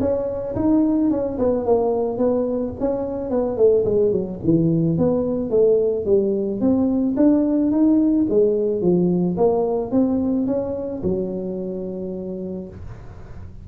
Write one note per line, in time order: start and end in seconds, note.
0.00 0.55 C#4
0.55 1.10 D#4
1.11 1.38 C#4
1.39 1.65 B3
1.65 2.18 A#3
2.18 2.73 B3
2.80 3.30 C#4
3.30 3.57 B3
3.57 3.84 A3
3.85 4.12 G#3
4.12 4.39 F#3
4.44 4.98 E3
4.98 5.50 B3
5.50 6.05 A3
6.05 6.60 G3
6.60 7.15 C4
7.16 7.71 D4
7.71 8.26 D#4
8.29 8.81 G#3
8.81 9.37 F3
9.37 9.91 A#3
9.91 10.46 C4
10.47 11.02 C#4
11.03 12.68 F#3